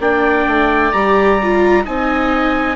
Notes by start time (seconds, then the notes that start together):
0.00 A#3 D4 D5 G5
0.47 A3
0.93 G3 G4 A#5
1.43 F4
1.85 C4 D#4 D#5 G#5